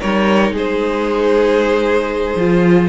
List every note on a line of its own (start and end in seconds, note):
0.00 0.50 G3
0.00 2.37 D#4
0.00 0.53 A#4
0.00 0.53 C#5
0.50 2.34 G#3
0.50 2.89 G#4
0.57 2.89 C5
2.35 2.88 F3
2.35 2.89 F4